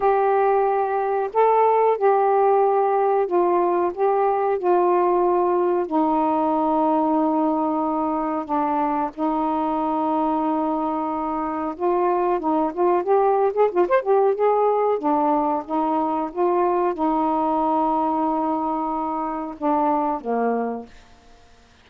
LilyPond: \new Staff \with { instrumentName = "saxophone" } { \time 4/4 \tempo 4 = 92 g'2 a'4 g'4~ | g'4 f'4 g'4 f'4~ | f'4 dis'2.~ | dis'4 d'4 dis'2~ |
dis'2 f'4 dis'8 f'8 | g'8. gis'16 f'16 c''16 g'8 gis'4 d'4 | dis'4 f'4 dis'2~ | dis'2 d'4 ais4 | }